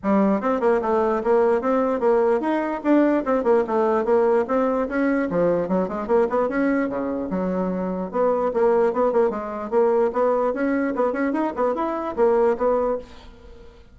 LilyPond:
\new Staff \with { instrumentName = "bassoon" } { \time 4/4 \tempo 4 = 148 g4 c'8 ais8 a4 ais4 | c'4 ais4 dis'4 d'4 | c'8 ais8 a4 ais4 c'4 | cis'4 f4 fis8 gis8 ais8 b8 |
cis'4 cis4 fis2 | b4 ais4 b8 ais8 gis4 | ais4 b4 cis'4 b8 cis'8 | dis'8 b8 e'4 ais4 b4 | }